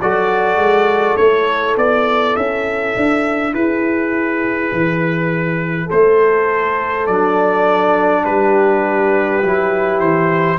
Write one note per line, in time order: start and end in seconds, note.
0.00 0.57 F#3
0.00 1.19 F#4
0.00 3.54 A4
0.00 1.17 D5
0.57 1.15 G#3
1.17 1.76 A3
1.17 7.07 E4
1.17 1.75 C#5
1.76 2.35 B3
1.76 2.36 D5
2.36 2.96 C#4
2.36 3.54 E5
2.96 3.54 D4
3.54 4.72 E4
3.54 5.85 G#4
3.54 5.90 B4
4.72 5.90 E3
5.85 8.21 A4
5.85 7.07 C5
5.91 7.08 A3
7.07 8.25 F#3
7.07 9.43 D4
7.07 8.24 D5
8.25 9.42 G3
8.25 10.59 G4
8.25 10.00 B4
9.43 10.00 F#3
9.43 10.59 E4
10.00 10.59 E3
10.00 10.59 C5